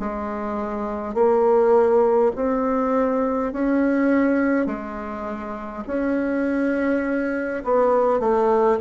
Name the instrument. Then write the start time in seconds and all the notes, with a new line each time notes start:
bassoon
0.00 G#3
1.14 A#3
2.36 C4
3.53 C#4
4.66 G#3
5.87 C#4
7.64 B3
8.20 A3